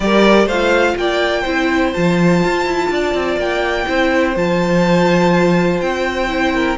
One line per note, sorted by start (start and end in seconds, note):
0.00 0.45 G3
0.00 0.50 G4
0.00 0.46 A#4
0.00 0.47 D5
0.45 0.94 A3
0.45 0.94 C5
0.45 0.97 F5
0.52 1.46 F4
0.97 1.45 A#3
0.97 1.41 D5
0.97 1.93 G5
1.41 1.94 C4
1.41 1.94 E4
1.41 2.86 C5
1.93 2.44 F3
1.93 3.86 F4
1.93 3.38 A5
2.44 2.65 F4
2.65 2.89 E4
2.90 3.14 D4
2.90 3.88 D5
3.14 3.36 C4
3.36 3.84 A#3
3.36 4.36 G5
3.86 4.36 C4
3.86 4.34 E4
3.86 6.54 C5
4.36 5.81 F3
4.36 6.27 F4
4.36 5.80 A5
5.80 6.77 C4
5.80 6.77 G5
6.27 6.76 E4
6.54 6.77 A#4